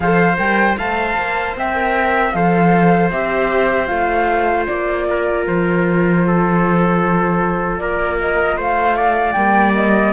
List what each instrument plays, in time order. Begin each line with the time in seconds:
0.00 cello F3, viola A4, trumpet C5, flute F5
0.37 cello G3, viola A#4, flute G5
0.77 cello A3, viola C5, trumpet F5, flute A5
1.17 cello A#3
1.56 cello C4, trumpet E5, flute G5
1.74 viola A#4
2.31 cello F3, viola A4, trumpet C5, flute F5
3.10 cello C4, viola G4, flute E5
3.86 cello A3, viola F4, flute F5
4.66 cello A#3, flute D5
5.10 trumpet A#4
5.46 cello F3, flute C5
6.26 trumpet A4
7.78 cello A#3, trumpet A#4, flute D5
8.20 flute D#5
8.57 cello A3, trumpet C5, flute F5
8.96 trumpet D5
9.32 cello G3, viola A#3, flute G5
9.75 flute D#5